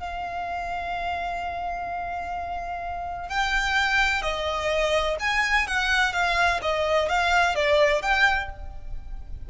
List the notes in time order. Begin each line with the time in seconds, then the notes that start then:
0.00 F5
3.29 G5
4.22 D#5
5.20 G#5
5.68 F#5
6.13 F5
6.62 D#5
7.09 F5
7.55 D5
8.03 G5